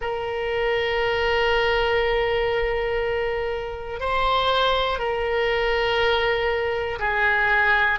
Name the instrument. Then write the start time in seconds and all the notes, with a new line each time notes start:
oboe
0.01 A#4
4.00 C5
4.99 A#4
6.99 G#4